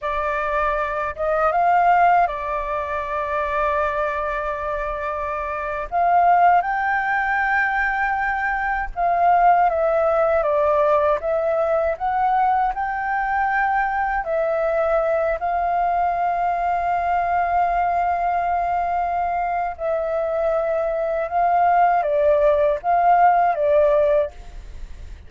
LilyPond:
\new Staff \with { instrumentName = "flute" } { \time 4/4 \tempo 4 = 79 d''4. dis''8 f''4 d''4~ | d''2.~ d''8. f''16~ | f''8. g''2. f''16~ | f''8. e''4 d''4 e''4 fis''16~ |
fis''8. g''2 e''4~ e''16~ | e''16 f''2.~ f''8.~ | f''2 e''2 | f''4 d''4 f''4 d''4 | }